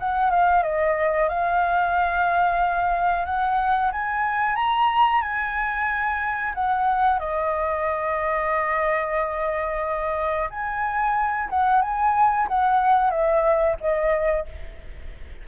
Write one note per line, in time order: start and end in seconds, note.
0.00 0.31 F#5
0.31 0.63 F5
0.63 1.29 D#5
1.29 3.26 F5
3.26 3.92 F#5
3.92 4.56 G#5
4.56 5.22 A#5
5.22 6.54 G#5
6.55 7.20 F#5
7.20 10.49 D#5
10.50 11.49 G#5
11.50 11.82 F#5
11.82 12.48 G#5
12.48 13.11 F#5
13.11 13.77 E5
13.81 14.47 D#5